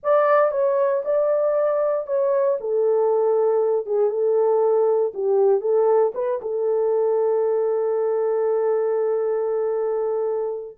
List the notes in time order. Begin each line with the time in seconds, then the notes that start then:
0.03 D5
0.51 C#5
1.05 D5
2.07 C#5
2.60 A4
3.86 G#4
4.10 A4
5.14 G4
5.61 A4
6.14 B4
6.41 A4